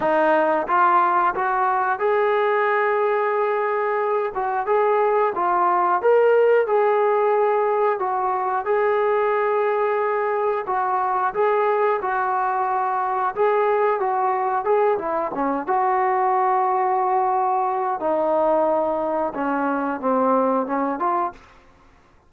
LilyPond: \new Staff \with { instrumentName = "trombone" } { \time 4/4 \tempo 4 = 90 dis'4 f'4 fis'4 gis'4~ | gis'2~ gis'8 fis'8 gis'4 | f'4 ais'4 gis'2 | fis'4 gis'2. |
fis'4 gis'4 fis'2 | gis'4 fis'4 gis'8 e'8 cis'8 fis'8~ | fis'2. dis'4~ | dis'4 cis'4 c'4 cis'8 f'8 | }